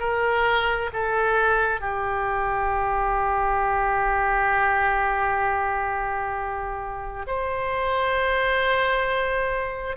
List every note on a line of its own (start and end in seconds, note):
0.00 0.91 A#4
0.93 1.81 A4
1.81 7.26 G4
7.28 9.97 C5